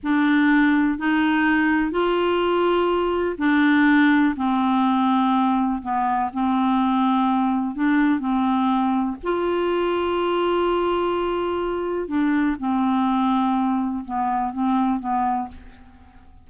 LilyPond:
\new Staff \with { instrumentName = "clarinet" } { \time 4/4 \tempo 4 = 124 d'2 dis'2 | f'2. d'4~ | d'4 c'2. | b4 c'2. |
d'4 c'2 f'4~ | f'1~ | f'4 d'4 c'2~ | c'4 b4 c'4 b4 | }